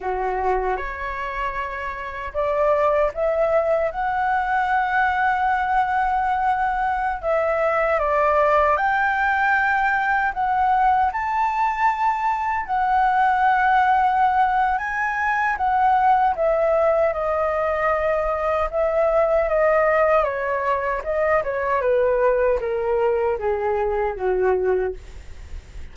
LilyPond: \new Staff \with { instrumentName = "flute" } { \time 4/4 \tempo 4 = 77 fis'4 cis''2 d''4 | e''4 fis''2.~ | fis''4~ fis''16 e''4 d''4 g''8.~ | g''4~ g''16 fis''4 a''4.~ a''16~ |
a''16 fis''2~ fis''8. gis''4 | fis''4 e''4 dis''2 | e''4 dis''4 cis''4 dis''8 cis''8 | b'4 ais'4 gis'4 fis'4 | }